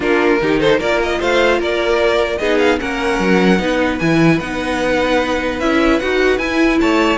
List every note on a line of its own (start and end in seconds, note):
0.00 0.40 A#3
0.00 0.40 D4
0.00 0.39 F4
0.00 0.59 A#4
0.41 0.79 D#3
0.41 0.80 D#4
0.41 0.60 G4
0.59 0.78 A4
0.59 0.79 C5
0.78 1.19 A#3
0.78 2.40 F4
0.78 1.18 A#4
0.78 1.00 D5
1.02 1.21 D#5
1.19 1.59 A3
1.19 1.59 C5
1.19 1.61 F5
1.59 2.39 A#3
1.59 2.39 A#4
1.59 2.38 D5
2.38 2.79 B3
2.38 2.79 D#4
2.38 2.79 G#4
2.38 2.58 D#5
2.59 2.79 F5
2.79 3.19 A#3
2.79 3.58 C#4
2.79 3.60 A#4
2.79 3.99 F#5
3.19 3.59 F#3
3.58 3.99 B3
3.58 3.98 D#4
3.58 6.80 B4
3.99 4.40 E3
3.99 4.41 E4
3.99 4.39 G#5
4.40 5.60 B3
4.40 5.61 D#4
4.40 5.60 F#5
5.60 6.00 C#4
5.60 6.01 E4
5.60 5.99 E5
5.99 6.38 D#4
5.99 6.38 F#4
5.99 6.38 F#5
6.38 6.78 E4
6.38 7.17 E4
6.38 6.78 G#5
6.80 7.17 A3
6.80 7.17 C#5
6.80 7.17 A5